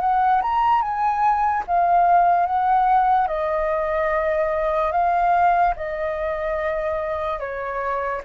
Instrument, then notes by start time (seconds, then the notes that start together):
flute
0.00 F#5
0.41 A#5
0.81 G#5
1.67 F5
2.46 F#5
3.27 D#5
4.92 F5
5.76 D#5
7.39 C#5